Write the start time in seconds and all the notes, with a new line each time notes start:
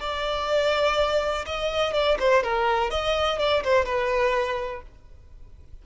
0.00 D5
1.46 D#5
1.93 D5
2.19 C5
2.43 A#4
2.90 D#5
3.39 D5
3.63 C5
3.85 B4